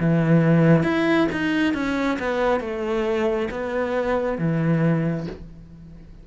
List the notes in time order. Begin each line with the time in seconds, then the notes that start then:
0.00 E3
0.83 E4
1.32 D#4
1.74 C#4
2.19 B3
2.60 A3
3.51 B3
4.38 E3